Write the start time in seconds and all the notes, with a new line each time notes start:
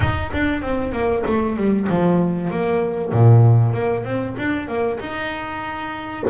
0.00 D#4
0.32 D4
0.61 C4
0.92 A#3
1.26 A3
1.56 G3
1.89 F3
2.50 A#3
3.12 A#2
3.73 A#3
4.04 C4
4.38 D4
4.68 A#3
4.99 D#4